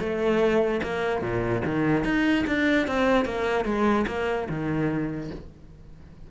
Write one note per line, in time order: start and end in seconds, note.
0.00 0.81 A3
0.83 1.22 A#3
1.22 1.62 A#2
1.65 2.05 D#3
2.05 2.45 D#4
2.47 2.87 D4
2.88 3.25 C4
3.25 3.65 A#3
3.65 4.06 G#3
4.08 4.48 A#3
4.49 5.31 D#3